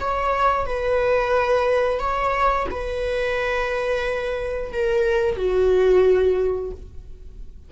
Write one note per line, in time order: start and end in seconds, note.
0.00 0.66 C#5
0.66 1.99 B4
1.99 2.66 C#5
2.70 4.72 B4
4.72 5.36 A#4
5.36 6.71 F#4